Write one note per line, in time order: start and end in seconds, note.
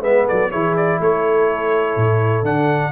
0.00 0.25 G#3
0.00 0.51 B3
0.00 0.24 B4
0.00 0.27 E5
0.25 0.49 A4
0.25 0.51 D5
0.31 0.53 F#3
0.50 1.00 E3
0.50 2.44 E4
0.50 0.99 G#4
0.50 0.75 C#5
0.76 1.00 D5
1.00 1.96 A3
1.00 2.92 A4
1.00 2.45 C#5
1.96 2.42 A2
2.42 2.91 D3
2.42 2.92 D4
2.42 2.92 F#5